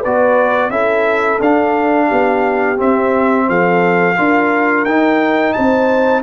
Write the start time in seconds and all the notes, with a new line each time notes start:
0.00 B3 B4 D5
0.06 F#4
0.70 C#4 E4 A4 E5
1.41 D4 F5
2.07 B3 G4
2.77 C4 E5
3.49 F3 A4 F5
4.17 D4 F4 A#4
4.85 D#4 G5
5.53 C4 C5 A5